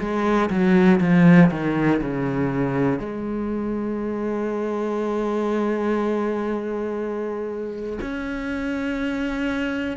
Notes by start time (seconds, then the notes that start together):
0.00 G#3
0.51 F#3
1.01 F3
1.51 D#3
2.02 C#3
3.00 G#3
8.01 C#4